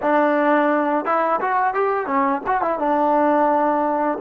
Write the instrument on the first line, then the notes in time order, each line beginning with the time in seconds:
trombone
0.02 D4
1.05 E4
1.40 F#4
1.74 G4
2.06 C#4
2.46 F#4
2.61 E4
2.78 D4